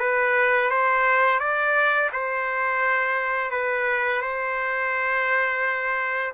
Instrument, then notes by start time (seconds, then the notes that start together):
trumpet
0.00 B4
0.71 C5
1.40 D5
2.12 C5
3.51 B4
4.22 C5